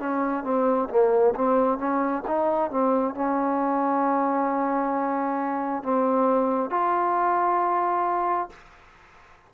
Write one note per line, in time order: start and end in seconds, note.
0.00 0.44 C#4
0.44 0.89 C4
0.90 1.35 A#3
1.35 1.79 C4
1.79 2.23 C#4
2.28 2.71 D#4
2.71 3.15 C4
3.15 5.84 C#4
5.84 6.71 C4
6.71 8.50 F4